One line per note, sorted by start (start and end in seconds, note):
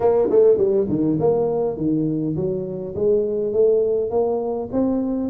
0.00 0.28 A#3
0.29 0.57 A3
0.57 0.87 G3
0.88 1.18 D#3
1.19 1.76 A#3
1.76 2.35 D#3
2.36 2.94 F#3
2.95 3.52 G#3
3.52 4.10 A3
4.10 4.69 A#3
4.71 5.29 C4